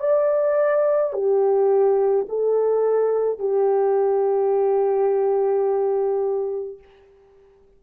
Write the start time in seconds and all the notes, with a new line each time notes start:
0.00 D5
1.13 G4
2.29 A4
3.39 G4